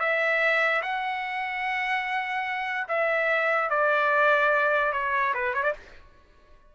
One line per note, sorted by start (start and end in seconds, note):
0.00 0.82 E5
0.82 2.88 F#5
2.88 3.70 E5
3.70 4.93 D5
4.93 5.34 C#5
5.35 5.54 B4
5.54 5.64 C#5
5.64 5.74 D5